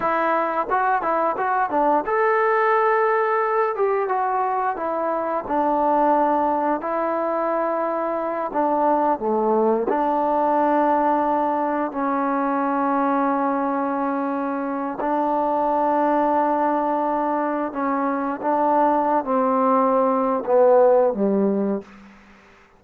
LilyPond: \new Staff \with { instrumentName = "trombone" } { \time 4/4 \tempo 4 = 88 e'4 fis'8 e'8 fis'8 d'8 a'4~ | a'4. g'8 fis'4 e'4 | d'2 e'2~ | e'8 d'4 a4 d'4.~ |
d'4. cis'2~ cis'8~ | cis'2 d'2~ | d'2 cis'4 d'4~ | d'16 c'4.~ c'16 b4 g4 | }